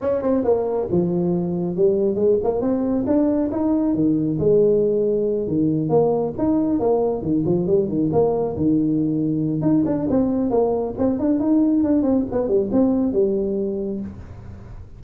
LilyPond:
\new Staff \with { instrumentName = "tuba" } { \time 4/4 \tempo 4 = 137 cis'8 c'8 ais4 f2 | g4 gis8 ais8 c'4 d'4 | dis'4 dis4 gis2~ | gis8 dis4 ais4 dis'4 ais8~ |
ais8 dis8 f8 g8 dis8 ais4 dis8~ | dis2 dis'8 d'8 c'4 | ais4 c'8 d'8 dis'4 d'8 c'8 | b8 g8 c'4 g2 | }